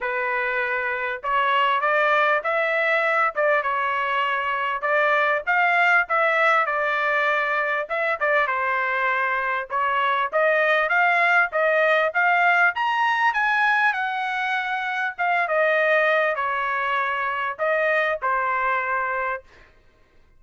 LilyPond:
\new Staff \with { instrumentName = "trumpet" } { \time 4/4 \tempo 4 = 99 b'2 cis''4 d''4 | e''4. d''8 cis''2 | d''4 f''4 e''4 d''4~ | d''4 e''8 d''8 c''2 |
cis''4 dis''4 f''4 dis''4 | f''4 ais''4 gis''4 fis''4~ | fis''4 f''8 dis''4. cis''4~ | cis''4 dis''4 c''2 | }